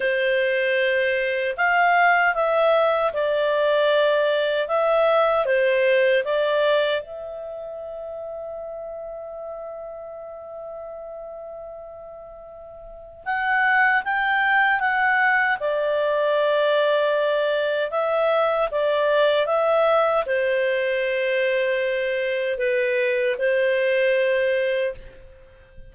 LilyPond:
\new Staff \with { instrumentName = "clarinet" } { \time 4/4 \tempo 4 = 77 c''2 f''4 e''4 | d''2 e''4 c''4 | d''4 e''2.~ | e''1~ |
e''4 fis''4 g''4 fis''4 | d''2. e''4 | d''4 e''4 c''2~ | c''4 b'4 c''2 | }